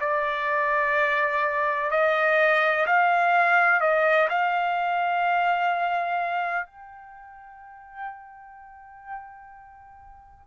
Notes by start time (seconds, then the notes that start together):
0.00 D5
1.90 D#5
2.86 F5
3.80 D#5
4.29 F5
6.66 G5